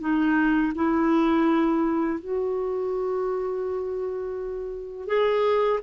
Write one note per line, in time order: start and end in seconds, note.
0.00 0.72 D#4
0.75 2.19 E4
2.19 5.07 F#4
5.07 5.79 G#4